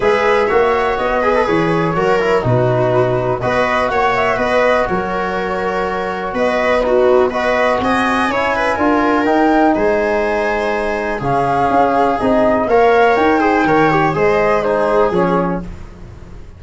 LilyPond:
<<
  \new Staff \with { instrumentName = "flute" } { \time 4/4 \tempo 4 = 123 e''2 dis''4 cis''4~ | cis''4 b'2 dis''4 | fis''8 e''8 dis''4 cis''2~ | cis''4 dis''4 b'4 dis''4 |
gis''2. g''4 | gis''2. f''4~ | f''4 dis''4 f''4 g''4~ | g''4 dis''4 c''4 cis''4 | }
  \new Staff \with { instrumentName = "viola" } { \time 4/4 b'4 cis''4. b'4. | ais'4 fis'2 b'4 | cis''4 b'4 ais'2~ | ais'4 b'4 fis'4 b'4 |
dis''4 cis''8 b'8 ais'2 | c''2. gis'4~ | gis'2 cis''4. c''8 | cis''4 c''4 gis'2 | }
  \new Staff \with { instrumentName = "trombone" } { \time 4/4 gis'4 fis'4. gis'16 a'16 gis'4 | fis'8 e'8 dis'2 fis'4~ | fis'1~ | fis'2 dis'4 fis'4~ |
fis'4 e'4 f'4 dis'4~ | dis'2. cis'4~ | cis'4 dis'4 ais'4. gis'8 | ais'8 g'8 gis'4 dis'4 cis'4 | }
  \new Staff \with { instrumentName = "tuba" } { \time 4/4 gis4 ais4 b4 e4 | fis4 b,2 b4 | ais4 b4 fis2~ | fis4 b2. |
c'4 cis'4 d'4 dis'4 | gis2. cis4 | cis'4 c'4 ais4 dis'4 | dis4 gis2 f4 | }
>>